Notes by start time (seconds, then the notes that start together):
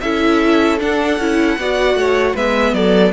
0.00 C#4 E4 A4 E5
0.79 D4 F#5
1.18 C#4 E4
1.58 B3 F#4 D5
1.94 A3 C#5
2.34 G#3 B3 B4 E5
2.73 F#3 A4 D5